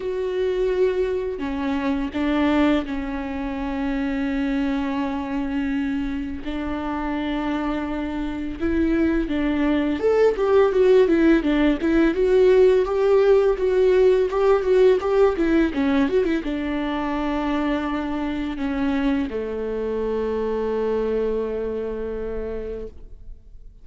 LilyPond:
\new Staff \with { instrumentName = "viola" } { \time 4/4 \tempo 4 = 84 fis'2 cis'4 d'4 | cis'1~ | cis'4 d'2. | e'4 d'4 a'8 g'8 fis'8 e'8 |
d'8 e'8 fis'4 g'4 fis'4 | g'8 fis'8 g'8 e'8 cis'8 fis'16 e'16 d'4~ | d'2 cis'4 a4~ | a1 | }